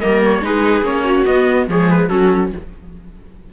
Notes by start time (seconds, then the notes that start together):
0.00 G3 A#3 A#4 D#5
0.24 C#5
0.41 G#3 D#4 G#4 B4
0.81 A#3 C#4 C#5
1.04 F#4
1.25 B3 D#5
1.68 F3 G#3 G#4 C#5
1.90 B4
2.09 F#3 C#4 F#4 A4